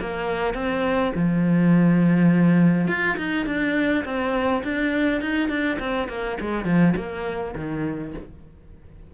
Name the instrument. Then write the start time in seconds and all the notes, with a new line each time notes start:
cello
0.00 A#3
0.54 C4
1.14 F3
2.87 F4
3.17 D#4
3.46 D4
4.04 C4
4.63 D4
5.21 D#4
5.48 D4
5.79 C4
6.08 A#3
6.40 G#3
6.64 F3
6.96 A#3
7.55 D#3